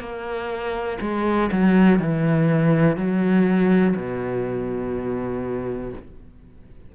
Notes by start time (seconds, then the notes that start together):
0.00 A#3
1.01 G#3
1.52 F#3
1.99 E3
2.96 F#3
3.96 B2